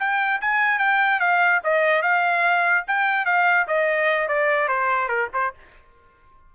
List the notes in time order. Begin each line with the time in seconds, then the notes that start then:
0.00 G5
0.41 G#5
0.79 G5
1.20 F5
1.64 D#5
2.03 F5
2.88 G5
3.26 F5
3.68 D#5
4.29 D5
4.69 C5
5.09 A#4
5.34 C5